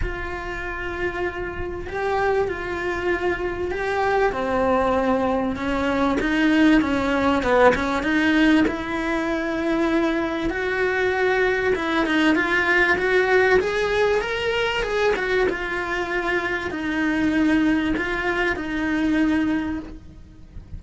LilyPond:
\new Staff \with { instrumentName = "cello" } { \time 4/4 \tempo 4 = 97 f'2. g'4 | f'2 g'4 c'4~ | c'4 cis'4 dis'4 cis'4 | b8 cis'8 dis'4 e'2~ |
e'4 fis'2 e'8 dis'8 | f'4 fis'4 gis'4 ais'4 | gis'8 fis'8 f'2 dis'4~ | dis'4 f'4 dis'2 | }